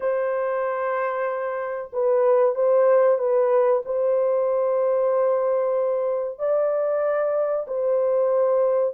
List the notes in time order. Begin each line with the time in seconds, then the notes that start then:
0.00 C5
1.92 B4
2.55 C5
3.18 B4
3.85 C5
6.38 D5
7.67 C5